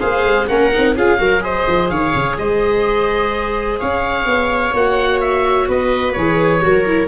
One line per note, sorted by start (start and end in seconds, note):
0.00 0.25 A#3
0.00 0.48 G#4
0.00 0.47 C5
0.00 0.47 F5
0.25 0.48 G#3
0.48 0.72 A#3
0.48 0.72 C#4
0.48 0.96 A#4
0.48 0.95 F#5
0.73 0.96 C4
0.73 0.97 D#4
0.96 1.19 C#4
0.96 1.18 F4
0.96 1.19 G#4
0.96 1.43 F5
1.18 1.66 F#3
1.18 1.41 F#4
1.18 1.44 A#4
1.41 4.71 G#4
1.41 1.91 C5
1.41 1.89 D#5
1.67 1.90 F3
1.89 2.14 D#3
1.89 2.38 C#5
1.89 2.37 F5
2.15 2.37 C#3
2.37 3.79 G#3
2.37 3.80 C5
2.37 3.80 D#5
3.80 4.25 C#4
3.80 5.69 C#5
3.80 4.74 F5
4.25 4.73 B3
4.73 5.68 A#3
4.73 6.16 F#4
4.73 5.21 F#5
5.21 5.68 E5
5.68 6.15 B3
5.68 6.63 B4
5.68 6.13 D#5
6.13 6.64 E3
6.13 6.61 G#4
6.13 7.07 C#5
6.61 7.08 F#3
6.61 6.85 F#4
6.61 7.08 A#4
6.86 7.08 E4